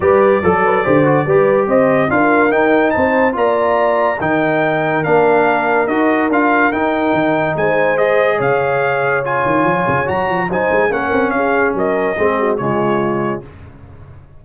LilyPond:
<<
  \new Staff \with { instrumentName = "trumpet" } { \time 4/4 \tempo 4 = 143 d''1 | dis''4 f''4 g''4 a''4 | ais''2 g''2 | f''2 dis''4 f''4 |
g''2 gis''4 dis''4 | f''2 gis''2 | ais''4 gis''4 fis''4 f''4 | dis''2 cis''2 | }
  \new Staff \with { instrumentName = "horn" } { \time 4/4 b'4 a'8 b'8 c''4 b'4 | c''4 ais'2 c''4 | d''2 ais'2~ | ais'1~ |
ais'2 c''2 | cis''1~ | cis''4 c''4 ais'4 gis'4 | ais'4 gis'8 fis'8 f'2 | }
  \new Staff \with { instrumentName = "trombone" } { \time 4/4 g'4 a'4 g'8 fis'8 g'4~ | g'4 f'4 dis'2 | f'2 dis'2 | d'2 fis'4 f'4 |
dis'2. gis'4~ | gis'2 f'2 | fis'4 dis'4 cis'2~ | cis'4 c'4 gis2 | }
  \new Staff \with { instrumentName = "tuba" } { \time 4/4 g4 fis4 d4 g4 | c'4 d'4 dis'4 c'4 | ais2 dis2 | ais2 dis'4 d'4 |
dis'4 dis4 gis2 | cis2~ cis8 dis8 f8 cis8 | fis8 f8 fis8 gis8 ais8 c'8 cis'4 | fis4 gis4 cis2 | }
>>